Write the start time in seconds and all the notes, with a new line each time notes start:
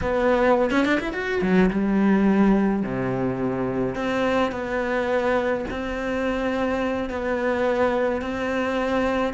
0.01 B3
0.70 C#4
0.85 D4
1.00 E4
1.13 F#4
1.41 F#3
1.70 G3
2.83 C3
3.95 C4
4.51 B3
5.70 C4
7.09 B3
8.21 C4